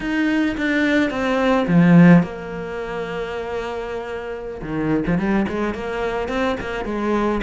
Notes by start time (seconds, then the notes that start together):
0.00 D#4
0.57 D4
1.10 C4
1.67 F3
2.22 A#3
4.62 D#3
5.06 F3
5.17 G3
5.48 G#3
5.74 A#3
6.28 C4
6.60 A#3
6.85 G#3